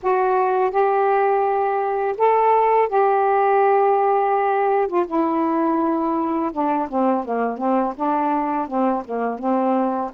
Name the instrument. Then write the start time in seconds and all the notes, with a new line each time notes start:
saxophone
0.02 F#4
0.70 G4
2.17 A4
2.88 G4
4.87 F4
5.06 E4
6.52 D4
6.88 C4
7.25 A#3
7.57 C4
7.96 D4
8.67 C4
9.05 A#3
9.38 C4